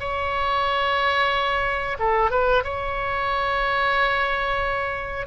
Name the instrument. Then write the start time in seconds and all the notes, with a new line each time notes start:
oboe
0.00 C#5
1.99 A4
2.31 B4
2.64 C#5